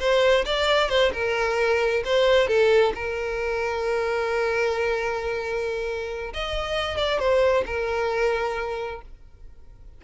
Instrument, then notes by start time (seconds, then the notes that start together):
violin
0.00 C5
0.45 D5
0.90 C5
1.13 A#4
2.05 C5
2.48 A4
2.95 A#4
6.34 D#5
6.98 D5
7.19 C5
7.67 A#4